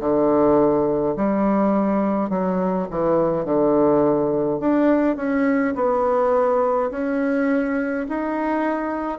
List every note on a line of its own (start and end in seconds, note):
0.00 1.15 D3
1.16 2.30 G3
2.30 2.87 F#3
2.91 3.45 E3
3.45 4.60 D3
4.60 5.17 D4
5.17 5.74 C#4
5.75 6.91 B3
6.91 8.06 C#4
8.09 9.18 D#4